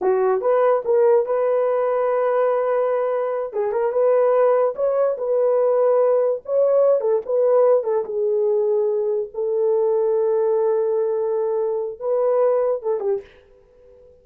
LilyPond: \new Staff \with { instrumentName = "horn" } { \time 4/4 \tempo 4 = 145 fis'4 b'4 ais'4 b'4~ | b'1~ | b'8 gis'8 ais'8 b'2 cis''8~ | cis''8 b'2. cis''8~ |
cis''4 a'8 b'4. a'8 gis'8~ | gis'2~ gis'8 a'4.~ | a'1~ | a'4 b'2 a'8 g'8 | }